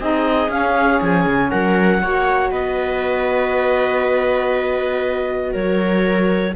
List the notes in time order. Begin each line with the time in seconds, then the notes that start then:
0.00 C4 D#4 G#4 D#5
0.48 C#4 F5
1.02 F3 G#5
1.26 C#3
1.50 F#3 A#4 F#5
2.01 A#3 F#4 C#5
2.51 B3 B4 D#5
5.53 F#3 A#4 C#5